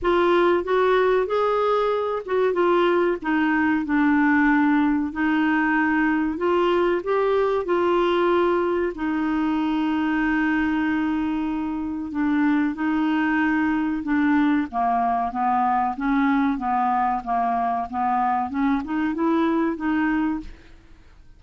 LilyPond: \new Staff \with { instrumentName = "clarinet" } { \time 4/4 \tempo 4 = 94 f'4 fis'4 gis'4. fis'8 | f'4 dis'4 d'2 | dis'2 f'4 g'4 | f'2 dis'2~ |
dis'2. d'4 | dis'2 d'4 ais4 | b4 cis'4 b4 ais4 | b4 cis'8 dis'8 e'4 dis'4 | }